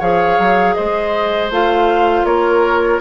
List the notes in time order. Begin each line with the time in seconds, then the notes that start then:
0.00 F3 G#4 C#5 F5
0.39 F#3
0.75 G#3 C5 D#5
1.51 A3 F4 F5
2.25 A#3 A#4 C#5